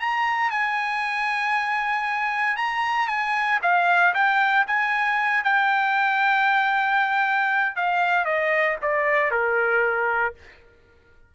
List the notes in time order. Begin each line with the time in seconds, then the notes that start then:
0.00 A#5
0.51 G#5
2.57 A#5
3.08 G#5
3.63 F5
4.14 G5
4.67 G#5
5.44 G5
7.76 F5
8.25 D#5
8.82 D5
9.31 A#4